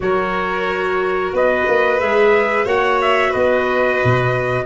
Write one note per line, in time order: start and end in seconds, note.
0.00 1.32 F#3
0.00 1.99 F#4
0.00 1.34 A#4
0.00 1.34 C#5
1.32 1.65 B3
1.32 2.65 B4
1.32 2.00 D#5
1.67 2.01 A#3
2.00 2.65 G#3
2.00 2.65 G#4
2.00 2.66 E5
2.65 3.32 A#3
2.65 4.65 F#4
2.65 3.30 C#5
2.65 3.01 F#5
3.01 3.33 E5
3.30 4.01 B3
3.30 4.63 B4
3.30 4.66 D#5
4.03 4.66 B2